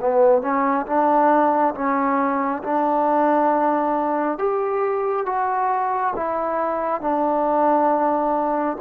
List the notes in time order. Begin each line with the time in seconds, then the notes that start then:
0.00 B3
0.42 C#4
0.86 D4
1.74 C#4
2.64 D4
4.38 G4
5.26 F#4
6.16 E4
7.01 D4